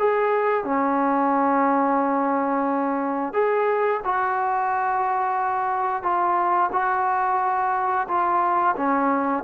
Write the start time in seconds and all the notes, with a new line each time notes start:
0.00 G#4
0.65 C#4
3.34 G#4
4.05 F#4
6.03 F4
6.73 F#4
8.08 F4
8.77 C#4